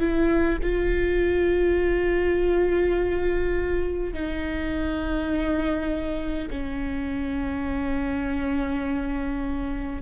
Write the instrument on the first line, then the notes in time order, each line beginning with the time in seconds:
viola
0.00 E4
0.63 F4
4.14 D#4
6.51 C#4